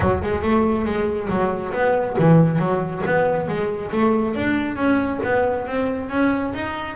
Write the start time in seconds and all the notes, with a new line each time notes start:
0.00 F#3
0.22 G#3
0.42 A3
0.85 G#3
1.29 F#3
1.73 B3
2.18 E3
2.58 F#3
3.06 B3
3.47 G#3
3.91 A3
4.35 D4
4.76 C#4
5.23 B3
5.66 C4
6.09 C#4
6.54 D#4